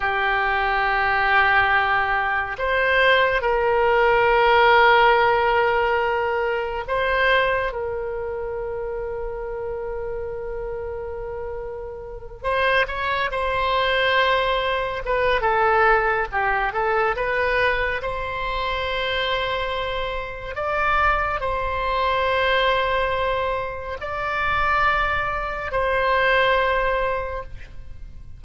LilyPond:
\new Staff \with { instrumentName = "oboe" } { \time 4/4 \tempo 4 = 70 g'2. c''4 | ais'1 | c''4 ais'2.~ | ais'2~ ais'8 c''8 cis''8 c''8~ |
c''4. b'8 a'4 g'8 a'8 | b'4 c''2. | d''4 c''2. | d''2 c''2 | }